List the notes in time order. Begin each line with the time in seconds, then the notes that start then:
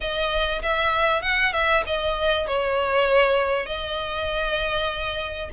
0.01 D#5
0.62 E5
1.22 F#5
1.53 E5
1.86 D#5
2.47 C#5
3.66 D#5